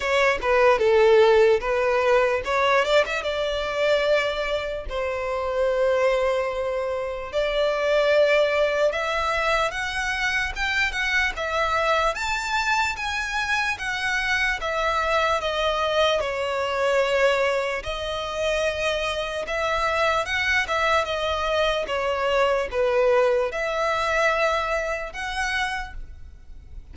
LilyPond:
\new Staff \with { instrumentName = "violin" } { \time 4/4 \tempo 4 = 74 cis''8 b'8 a'4 b'4 cis''8 d''16 e''16 | d''2 c''2~ | c''4 d''2 e''4 | fis''4 g''8 fis''8 e''4 a''4 |
gis''4 fis''4 e''4 dis''4 | cis''2 dis''2 | e''4 fis''8 e''8 dis''4 cis''4 | b'4 e''2 fis''4 | }